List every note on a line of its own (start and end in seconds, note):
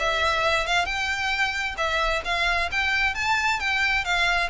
0.00 0.67 E5
0.67 0.86 F5
0.86 1.76 G5
1.78 2.23 E5
2.25 2.70 F5
2.72 3.15 G5
3.15 3.60 A5
3.60 4.05 G5
4.05 4.50 F5